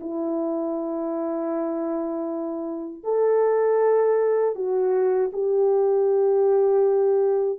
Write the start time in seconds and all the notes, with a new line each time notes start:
0.00 E4
3.03 A4
4.55 F#4
5.32 G4